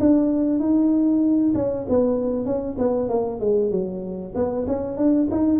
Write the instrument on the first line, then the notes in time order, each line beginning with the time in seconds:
tuba
0.00 D4
0.59 D#4
1.55 C#4
1.89 B3
2.46 C#4
2.78 B3
3.09 A#3
3.40 G#3
3.71 F#3
4.35 B3
4.67 C#4
4.97 D4
5.31 D#4